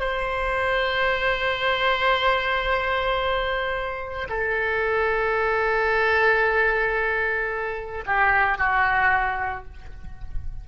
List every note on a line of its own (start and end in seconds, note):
0.00 4.29 C5
4.30 8.05 A4
8.06 8.58 G4
8.58 9.65 F#4